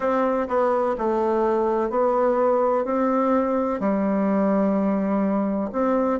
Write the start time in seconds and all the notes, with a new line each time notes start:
0.00 C4
0.48 B3
0.98 A3
1.90 B3
2.84 C4
3.80 G3
5.72 C4